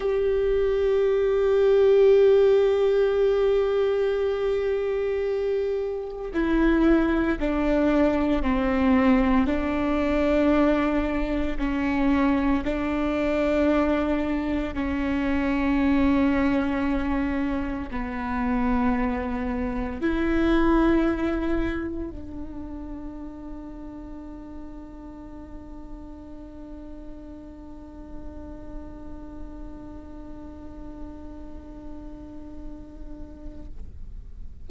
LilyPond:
\new Staff \with { instrumentName = "viola" } { \time 4/4 \tempo 4 = 57 g'1~ | g'2 e'4 d'4 | c'4 d'2 cis'4 | d'2 cis'2~ |
cis'4 b2 e'4~ | e'4 d'2.~ | d'1~ | d'1 | }